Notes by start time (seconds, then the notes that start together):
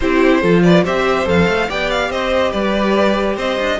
0.00 C4 E4 G4 C5
0.41 F3 F4 A4
0.63 B4 D5
0.84 C4 G4 C5 E5
1.25 F2 A4 F5
1.47 A3
1.68 B3 G4 D5 G5
1.90 F5
2.09 C4 C5 D#5
2.51 G3 B4 D5
3.35 C4 C5 D#5
3.59 D4